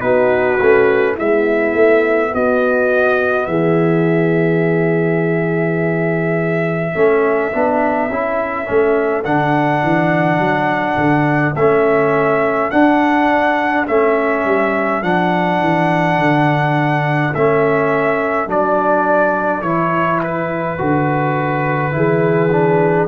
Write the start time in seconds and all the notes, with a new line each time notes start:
0.00 B3 D#4 F#4 B4
0.60 A3 C#4
1.13 G#3 B3 E4 E5
1.74 A3
2.34 B3 F#4 D#5
3.46 E3 G#4 E5
6.92 A3 C#4 A4
7.52 B3 D4
8.10 C#4 E4
8.66 A3 C#4
9.24 D3 D4 F#5
9.82 E3
10.38 F#3
10.97 D3
11.55 A3 C#4 E5
12.70 D4 F#5
13.87 A3 C#4 E5
14.44 G3
15.02 F3 D4 F#5
15.60 E3
16.17 D3
17.34 A3 C#4 E5
18.47 F#3 D4 D5
19.62 E3 E4 C#5
20.23 B4
20.78 D3 F#4
21.91 E3 E4 G#4
22.51 D4